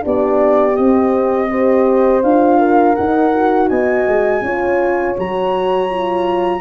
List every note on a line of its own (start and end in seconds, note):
0.00 0.73 D4
0.00 1.50 G4
0.06 0.79 B3
0.06 0.76 D5
0.76 1.50 C4
0.76 2.23 C4
0.76 2.22 D#5
1.50 2.24 G4
1.50 2.59 C5
2.23 2.96 D4
2.23 2.98 F4
2.23 2.95 F5
2.59 3.69 A#4
2.95 3.34 D#4
2.95 3.71 D#4
2.95 3.68 F#5
3.34 4.43 F#4
3.69 4.07 B3
3.69 4.44 D#5
3.69 5.15 G#5
4.07 4.42 G#3
4.42 5.15 C#4
4.42 5.16 F4
4.42 6.61 C#5
5.16 6.61 F#3
5.16 5.89 F#4
5.16 6.61 A#5
5.90 6.61 F4